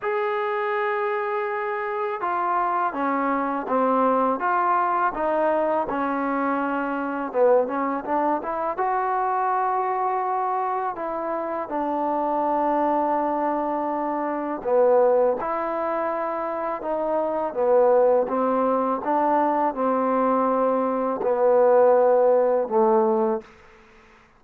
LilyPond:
\new Staff \with { instrumentName = "trombone" } { \time 4/4 \tempo 4 = 82 gis'2. f'4 | cis'4 c'4 f'4 dis'4 | cis'2 b8 cis'8 d'8 e'8 | fis'2. e'4 |
d'1 | b4 e'2 dis'4 | b4 c'4 d'4 c'4~ | c'4 b2 a4 | }